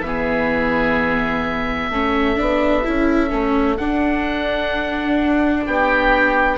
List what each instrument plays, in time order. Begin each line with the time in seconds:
0.00 bassoon E3, viola B3, oboe E5
0.06 oboe G#4
1.90 bassoon A3, viola C#4, oboe A4
2.36 bassoon B3, viola D4
2.84 bassoon C#4, viola E4
3.29 bassoon A3, viola C#4
3.77 bassoon D4, viola D4, oboe F#5
5.65 bassoon B3, oboe G4 G5